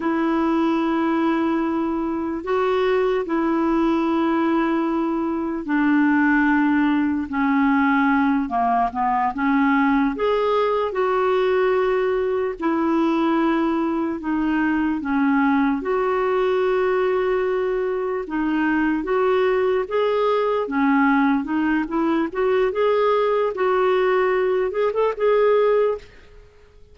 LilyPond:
\new Staff \with { instrumentName = "clarinet" } { \time 4/4 \tempo 4 = 74 e'2. fis'4 | e'2. d'4~ | d'4 cis'4. ais8 b8 cis'8~ | cis'8 gis'4 fis'2 e'8~ |
e'4. dis'4 cis'4 fis'8~ | fis'2~ fis'8 dis'4 fis'8~ | fis'8 gis'4 cis'4 dis'8 e'8 fis'8 | gis'4 fis'4. gis'16 a'16 gis'4 | }